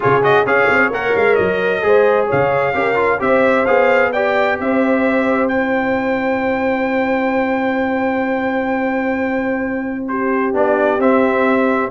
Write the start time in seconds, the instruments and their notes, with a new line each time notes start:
0.00 tuba C#3, trombone F4, horn G#4, trumpet C#5
0.22 trombone F#4, trumpet D#5
0.45 tuba C#4, trombone G#4, horn C#5, trumpet F5
0.69 tuba C4
0.89 tuba A#3, trombone A#4, trumpet F#5
1.15 tuba G#3, trumpet F5
1.35 tuba F#3, trumpet D#5
1.82 tuba G#3, trombone G#4, horn C5
2.26 tuba C#3, horn C#5, trumpet F5
2.73 tuba C#4, trombone G4, horn A#4
2.95 trombone F4
3.19 tuba C4, trombone G4, horn C5, trumpet E5
3.65 tuba B3, trombone G#4, trumpet F5
4.12 trombone G4, horn D5, trumpet G5
4.59 tuba C4, horn C5, trumpet E5
5.48 trombone E4, trumpet G5
10.07 horn G4, trumpet C5
10.53 tuba B3, trombone D4, trumpet D5
10.98 tuba C4, trombone C4, trumpet E5